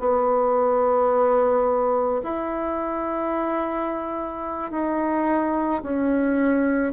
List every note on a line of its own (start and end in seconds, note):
0.00 2.22 B3
2.24 4.72 E4
4.72 5.83 D#4
5.83 6.93 C#4